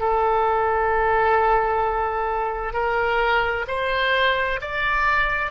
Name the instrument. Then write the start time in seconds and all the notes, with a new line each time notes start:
oboe
0.00 A4
2.73 A#4
3.68 C5
4.61 D5